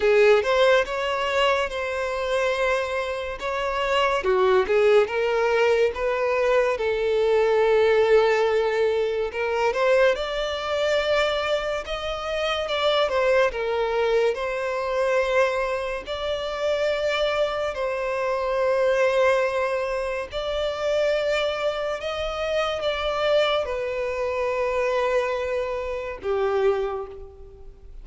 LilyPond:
\new Staff \with { instrumentName = "violin" } { \time 4/4 \tempo 4 = 71 gis'8 c''8 cis''4 c''2 | cis''4 fis'8 gis'8 ais'4 b'4 | a'2. ais'8 c''8 | d''2 dis''4 d''8 c''8 |
ais'4 c''2 d''4~ | d''4 c''2. | d''2 dis''4 d''4 | b'2. g'4 | }